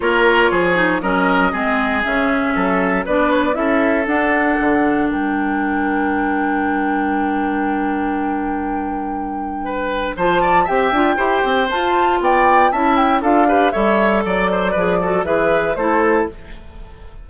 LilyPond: <<
  \new Staff \with { instrumentName = "flute" } { \time 4/4 \tempo 4 = 118 cis''2 dis''2 | e''2 d''8 cis''16 d''16 e''4 | fis''2 g''2~ | g''1~ |
g''1 | a''4 g''2 a''4 | g''4 a''8 g''8 f''4 e''4 | d''2 e''4 c''4 | }
  \new Staff \with { instrumentName = "oboe" } { \time 4/4 ais'4 gis'4 ais'4 gis'4~ | gis'4 a'4 b'4 a'4~ | a'2 ais'2~ | ais'1~ |
ais'2. b'4 | c''8 d''8 e''4 c''2 | d''4 e''4 a'8 b'8 cis''4 | d''8 c''8 b'8 a'8 b'4 a'4 | }
  \new Staff \with { instrumentName = "clarinet" } { \time 4/4 f'4. dis'8 cis'4 c'4 | cis'2 d'4 e'4 | d'1~ | d'1~ |
d'1 | f'4 g'8 f'8 g'4 f'4~ | f'4 e'4 f'8 g'8 a'4~ | a'4 gis'8 fis'8 gis'4 e'4 | }
  \new Staff \with { instrumentName = "bassoon" } { \time 4/4 ais4 f4 fis4 gis4 | cis4 fis4 b4 cis'4 | d'4 d4 g2~ | g1~ |
g1 | f4 c'8 d'8 e'8 c'8 f'4 | b4 cis'4 d'4 g4 | fis4 f4 e4 a4 | }
>>